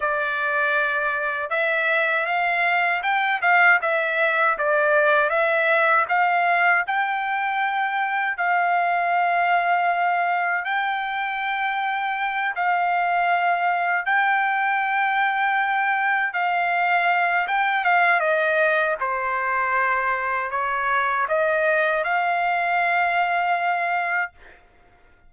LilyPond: \new Staff \with { instrumentName = "trumpet" } { \time 4/4 \tempo 4 = 79 d''2 e''4 f''4 | g''8 f''8 e''4 d''4 e''4 | f''4 g''2 f''4~ | f''2 g''2~ |
g''8 f''2 g''4.~ | g''4. f''4. g''8 f''8 | dis''4 c''2 cis''4 | dis''4 f''2. | }